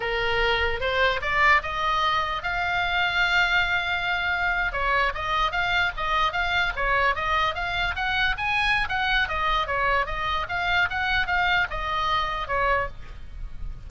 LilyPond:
\new Staff \with { instrumentName = "oboe" } { \time 4/4 \tempo 4 = 149 ais'2 c''4 d''4 | dis''2 f''2~ | f''2.~ f''8. cis''16~ | cis''8. dis''4 f''4 dis''4 f''16~ |
f''8. cis''4 dis''4 f''4 fis''16~ | fis''8. gis''4~ gis''16 fis''4 dis''4 | cis''4 dis''4 f''4 fis''4 | f''4 dis''2 cis''4 | }